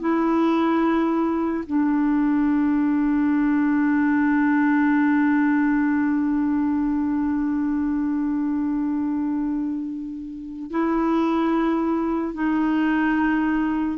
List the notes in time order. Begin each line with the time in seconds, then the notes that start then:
0.00 E4
1.67 D4
10.71 E4
12.34 D#4